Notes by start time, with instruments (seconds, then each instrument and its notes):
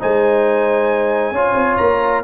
0.00 tuba G#3, trombone D#4, horn C5, trumpet G#5
1.32 tuba C#4, trombone F4, horn C#5
1.55 tuba C4
1.77 tuba A#3, trumpet A#5